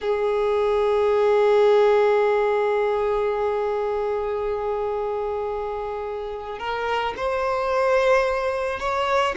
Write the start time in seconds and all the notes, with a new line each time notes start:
0.01 G#4
6.59 A#4
7.17 C5
8.79 C#5